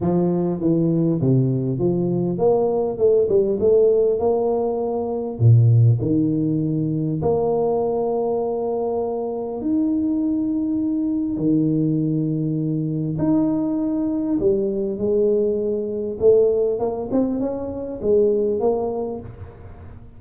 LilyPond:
\new Staff \with { instrumentName = "tuba" } { \time 4/4 \tempo 4 = 100 f4 e4 c4 f4 | ais4 a8 g8 a4 ais4~ | ais4 ais,4 dis2 | ais1 |
dis'2. dis4~ | dis2 dis'2 | g4 gis2 a4 | ais8 c'8 cis'4 gis4 ais4 | }